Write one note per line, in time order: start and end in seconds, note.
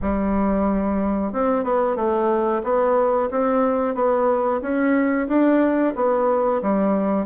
0.01 1.32 G3
1.32 1.64 C4
1.64 1.96 B3
1.96 2.62 A3
2.63 3.29 B3
3.30 3.94 C4
3.94 4.60 B3
4.61 5.27 C#4
5.27 5.93 D4
5.95 6.61 B3
6.61 7.26 G3